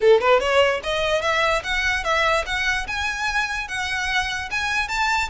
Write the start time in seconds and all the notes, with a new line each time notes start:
0.00 A4
0.20 B4
0.40 C#5
0.83 D#5
1.21 E5
1.63 F#5
2.04 E5
2.46 F#5
2.87 G#5
3.67 F#5
4.50 G#5
4.88 A5